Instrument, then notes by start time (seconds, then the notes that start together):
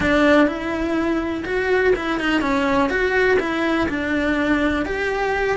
cello
0.00 D4
0.47 E4
1.45 F#4
1.95 E4
2.19 D#4
2.41 C#4
2.89 F#4
3.39 E4
3.88 D4
4.85 G4